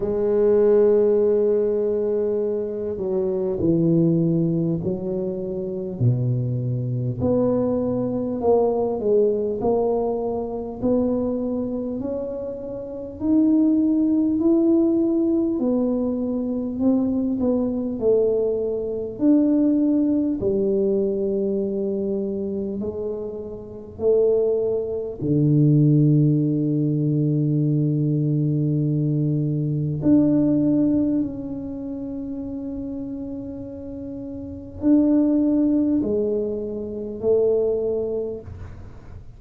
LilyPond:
\new Staff \with { instrumentName = "tuba" } { \time 4/4 \tempo 4 = 50 gis2~ gis8 fis8 e4 | fis4 b,4 b4 ais8 gis8 | ais4 b4 cis'4 dis'4 | e'4 b4 c'8 b8 a4 |
d'4 g2 gis4 | a4 d2.~ | d4 d'4 cis'2~ | cis'4 d'4 gis4 a4 | }